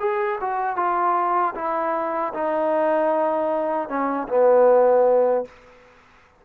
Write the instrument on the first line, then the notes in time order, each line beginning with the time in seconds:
trombone
0.00 G#4
0.41 F#4
0.77 F4
1.55 E4
2.34 D#4
3.89 C#4
4.28 B3